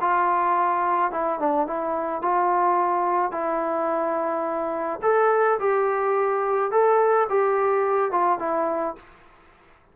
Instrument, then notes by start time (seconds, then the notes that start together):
trombone
0.00 F4
1.11 E4
1.39 D4
1.67 E4
2.21 F4
3.31 E4
5.02 A4
5.59 G4
6.71 A4
7.29 G4
8.11 F4
8.39 E4